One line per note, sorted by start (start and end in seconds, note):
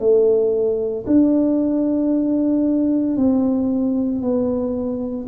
0.00 1.05 A3
1.07 3.17 D4
3.17 4.22 C4
4.22 5.27 B3